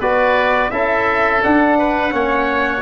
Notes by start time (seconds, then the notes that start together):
0.00 B3 F#4 B4 D5
0.71 C#4 E4 A4 E5
1.42 D4 F#5
1.79 B4
2.10 A#3 C#4 C#5